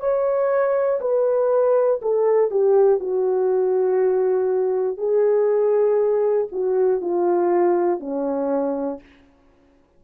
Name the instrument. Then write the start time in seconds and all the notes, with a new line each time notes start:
horn
0.00 C#5
1.00 B4
2.01 A4
2.50 G4
3.00 F#4
4.97 G#4
6.51 F#4
7.01 F4
8.00 C#4